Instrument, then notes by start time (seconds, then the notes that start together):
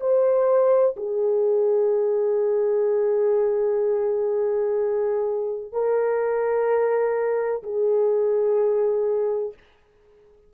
horn
0.00 C5
0.97 G#4
5.72 A#4
7.63 G#4